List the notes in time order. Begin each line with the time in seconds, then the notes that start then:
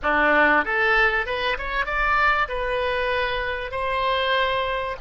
0.02 D4
0.64 A4
1.26 B4
1.57 C#5
1.85 D5
2.48 B4
3.71 C5